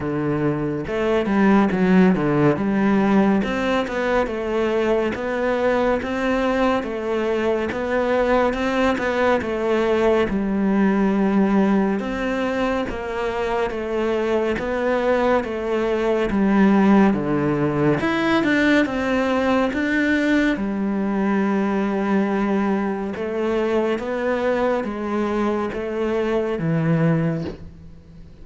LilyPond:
\new Staff \with { instrumentName = "cello" } { \time 4/4 \tempo 4 = 70 d4 a8 g8 fis8 d8 g4 | c'8 b8 a4 b4 c'4 | a4 b4 c'8 b8 a4 | g2 c'4 ais4 |
a4 b4 a4 g4 | d4 e'8 d'8 c'4 d'4 | g2. a4 | b4 gis4 a4 e4 | }